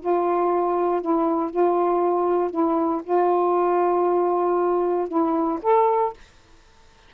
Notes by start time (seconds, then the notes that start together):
0.00 F4
1.01 E4
1.50 F4
2.50 E4
3.03 F4
5.08 E4
5.62 A4